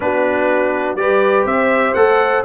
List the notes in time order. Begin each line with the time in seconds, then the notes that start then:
0.00 B3 D4 F#4 B4
0.95 G3 G4 B4 D5
1.45 C4 C5 E5
1.94 A3 A4 F#5